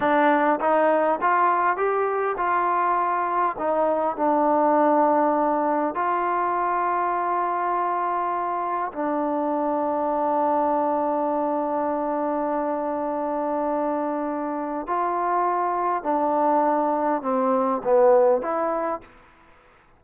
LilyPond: \new Staff \with { instrumentName = "trombone" } { \time 4/4 \tempo 4 = 101 d'4 dis'4 f'4 g'4 | f'2 dis'4 d'4~ | d'2 f'2~ | f'2. d'4~ |
d'1~ | d'1~ | d'4 f'2 d'4~ | d'4 c'4 b4 e'4 | }